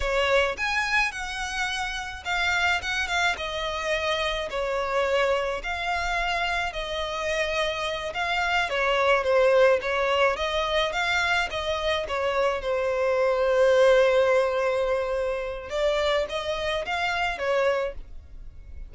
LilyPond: \new Staff \with { instrumentName = "violin" } { \time 4/4 \tempo 4 = 107 cis''4 gis''4 fis''2 | f''4 fis''8 f''8 dis''2 | cis''2 f''2 | dis''2~ dis''8 f''4 cis''8~ |
cis''8 c''4 cis''4 dis''4 f''8~ | f''8 dis''4 cis''4 c''4.~ | c''1 | d''4 dis''4 f''4 cis''4 | }